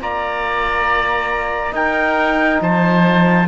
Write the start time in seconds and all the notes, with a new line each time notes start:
0.00 A#3 F4 D5 A#5
1.72 D#4 A#4 G5
2.61 F3 C5 A5